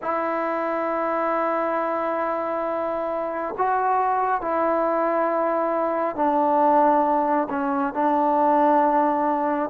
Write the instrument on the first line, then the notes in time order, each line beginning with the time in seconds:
trombone
0.02 E4
3.57 F#4
4.41 E4
6.15 D4
7.49 C#4
7.93 D4